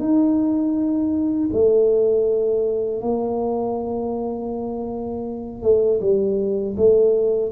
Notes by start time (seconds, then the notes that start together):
0.00 D#4
1.53 A3
3.01 A#3
5.62 A3
6.01 G3
6.77 A3